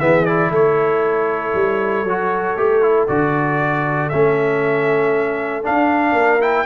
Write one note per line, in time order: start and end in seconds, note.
0.00 0.51 E3
0.00 0.26 B3
0.00 0.51 G#4
0.00 0.25 E5
0.25 2.07 E4
0.25 0.51 D5
0.51 1.53 A3
0.51 6.15 A4
0.51 3.07 C#5
1.54 2.04 G3
2.04 2.55 F#3
2.04 2.57 F#4
2.57 3.08 A3
2.57 2.82 G4
2.82 3.08 E4
3.07 4.12 D3
3.07 4.11 F#4
3.07 4.09 D5
4.09 5.67 A3
4.09 5.63 C#4
4.09 5.63 E5
5.63 6.40 D4
5.63 6.13 D4
5.63 6.42 F5
6.13 6.64 A#3
6.13 6.66 A#4
6.40 6.66 E4
6.40 6.66 G5